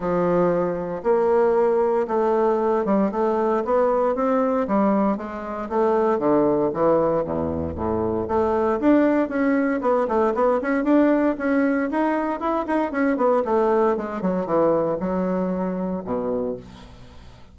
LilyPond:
\new Staff \with { instrumentName = "bassoon" } { \time 4/4 \tempo 4 = 116 f2 ais2 | a4. g8 a4 b4 | c'4 g4 gis4 a4 | d4 e4 e,4 a,4 |
a4 d'4 cis'4 b8 a8 | b8 cis'8 d'4 cis'4 dis'4 | e'8 dis'8 cis'8 b8 a4 gis8 fis8 | e4 fis2 b,4 | }